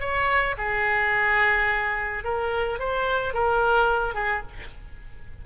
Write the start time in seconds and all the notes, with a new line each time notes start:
0.00 C#5
0.58 G#4
2.24 A#4
2.79 C5
3.33 A#4
4.14 G#4